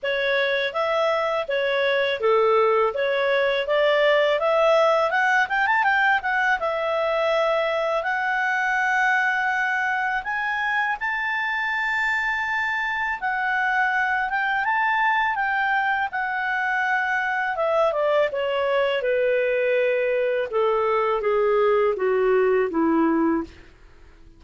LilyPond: \new Staff \with { instrumentName = "clarinet" } { \time 4/4 \tempo 4 = 82 cis''4 e''4 cis''4 a'4 | cis''4 d''4 e''4 fis''8 g''16 a''16 | g''8 fis''8 e''2 fis''4~ | fis''2 gis''4 a''4~ |
a''2 fis''4. g''8 | a''4 g''4 fis''2 | e''8 d''8 cis''4 b'2 | a'4 gis'4 fis'4 e'4 | }